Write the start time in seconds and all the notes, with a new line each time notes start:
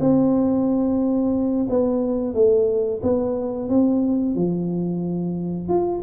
0.00 C4
1.69 B3
2.34 A3
3.02 B3
3.69 C4
4.35 F3
5.68 F4